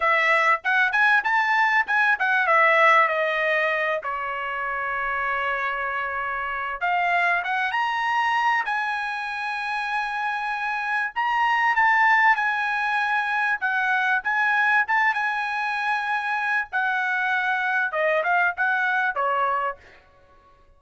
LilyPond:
\new Staff \with { instrumentName = "trumpet" } { \time 4/4 \tempo 4 = 97 e''4 fis''8 gis''8 a''4 gis''8 fis''8 | e''4 dis''4. cis''4.~ | cis''2. f''4 | fis''8 ais''4. gis''2~ |
gis''2 ais''4 a''4 | gis''2 fis''4 gis''4 | a''8 gis''2~ gis''8 fis''4~ | fis''4 dis''8 f''8 fis''4 cis''4 | }